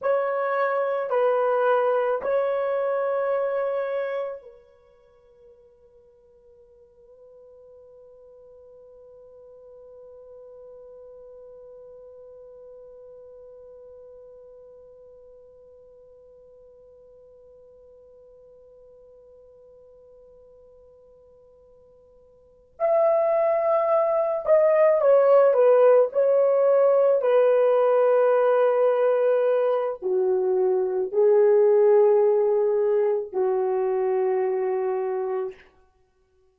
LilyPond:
\new Staff \with { instrumentName = "horn" } { \time 4/4 \tempo 4 = 54 cis''4 b'4 cis''2 | b'1~ | b'1~ | b'1~ |
b'1~ | b'8 e''4. dis''8 cis''8 b'8 cis''8~ | cis''8 b'2~ b'8 fis'4 | gis'2 fis'2 | }